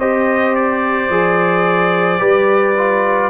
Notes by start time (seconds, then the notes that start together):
0.00 C4 G4 C5 D#5
0.56 D5
1.10 F3 G#4
2.19 G3 G4 B4
2.78 F4